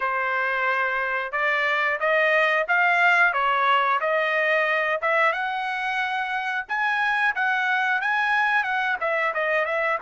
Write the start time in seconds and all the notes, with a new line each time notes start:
0.00 C5
1.32 D5
1.99 D#5
2.68 F5
3.33 C#5
4.00 D#5
5.01 E5
5.32 F#5
6.68 G#5
7.35 F#5
8.01 G#5
8.63 F#5
9.00 E5
9.34 D#5
9.65 E5